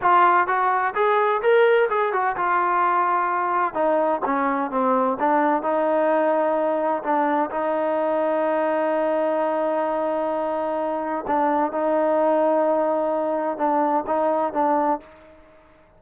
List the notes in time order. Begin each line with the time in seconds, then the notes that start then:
0.01 F4
0.47 F#4
0.94 G#4
1.41 A#4
1.89 G#4
2.12 F#4
2.36 F4
3.74 D#4
4.25 C#4
4.70 C4
5.19 D4
5.62 D#4
7.03 D4
7.50 D#4
11.27 D4
11.72 D#4
13.57 D4
14.06 D#4
14.53 D4